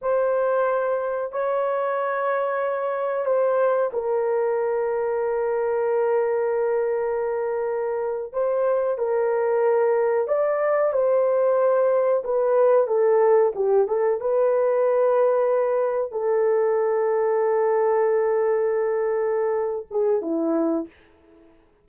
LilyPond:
\new Staff \with { instrumentName = "horn" } { \time 4/4 \tempo 4 = 92 c''2 cis''2~ | cis''4 c''4 ais'2~ | ais'1~ | ais'8. c''4 ais'2 d''16~ |
d''8. c''2 b'4 a'16~ | a'8. g'8 a'8 b'2~ b'16~ | b'8. a'2.~ a'16~ | a'2~ a'8 gis'8 e'4 | }